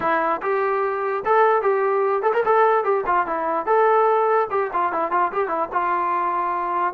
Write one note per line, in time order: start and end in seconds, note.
0.00 0.41 E4
0.42 1.23 G4
1.25 1.61 A4
1.61 2.22 G4
2.22 2.32 A4
2.33 2.43 A#4
2.45 2.84 A4
2.84 3.04 G4
3.06 3.26 F4
3.26 3.65 E4
3.65 4.47 A4
4.50 4.70 G4
4.73 4.92 F4
4.92 5.11 E4
5.11 5.31 F4
5.32 5.48 G4
5.48 5.68 E4
5.72 6.94 F4